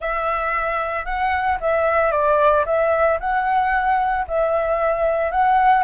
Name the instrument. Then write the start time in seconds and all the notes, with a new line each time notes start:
flute
0.00 E5
1.05 F#5
1.60 E5
2.11 D5
2.65 E5
3.20 F#5
4.27 E5
5.31 F#5